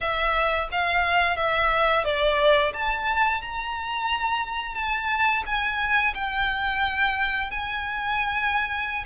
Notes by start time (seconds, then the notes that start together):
0.00 E5
0.71 F5
1.36 E5
2.04 D5
2.73 A5
3.41 A#5
4.74 A5
5.45 G#5
6.14 G5
7.51 G#5